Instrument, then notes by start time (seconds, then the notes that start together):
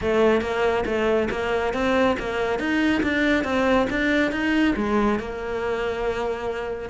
cello
0.01 A3
0.41 A#3
0.85 A3
1.30 A#3
1.73 C4
2.19 A#3
2.59 D#4
3.02 D4
3.44 C4
3.90 D4
4.31 D#4
4.76 G#3
5.19 A#3